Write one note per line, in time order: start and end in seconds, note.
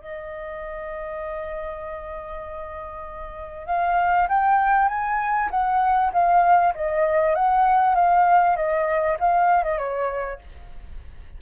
0.00 3.67 D#5
3.67 4.28 F5
4.29 4.88 G5
4.88 5.49 G#5
5.51 6.12 F#5
6.13 6.74 F5
6.75 7.35 D#5
7.35 7.95 F#5
7.95 8.56 F5
8.56 9.17 D#5
9.19 9.63 F5
9.63 9.78 D#5
9.78 10.39 C#5